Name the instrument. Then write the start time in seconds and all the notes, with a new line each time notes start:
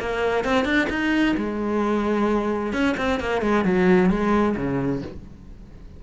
cello
0.00 A#3
0.45 C4
0.65 D4
0.90 D#4
1.37 G#3
2.73 C#4
2.97 C4
3.20 A#3
3.42 G#3
3.64 F#3
4.10 G#3
4.56 C#3